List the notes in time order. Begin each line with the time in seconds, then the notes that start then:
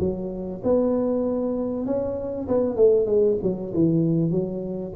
0.00 F#3
0.64 B3
1.86 C#4
2.48 B3
2.76 A3
3.06 G#3
3.42 F#3
3.74 E3
4.31 F#3